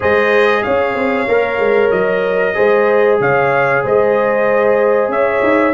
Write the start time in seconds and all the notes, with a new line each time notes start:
0.00 G#3 G#4 C5 D#5
0.62 C#4 C#5 F5
0.95 C4
1.28 A#3 A#4
1.58 G#3
1.91 F#3 D#5
2.54 G#3 G#4 C5
3.20 C#3 C#5 F5
3.83 G#3 C5 D#5
5.08 C#4 C#5 E5
5.43 D#4